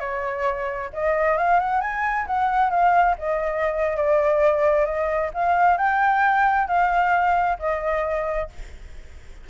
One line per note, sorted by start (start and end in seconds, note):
0.00 0.90 C#5
0.93 1.38 D#5
1.38 1.60 F5
1.60 1.81 F#5
1.81 2.26 G#5
2.27 2.70 F#5
2.70 3.15 F5
3.18 3.97 D#5
3.97 4.86 D5
4.86 5.31 D#5
5.34 5.78 F5
5.78 6.67 G5
6.67 7.58 F5
7.59 8.49 D#5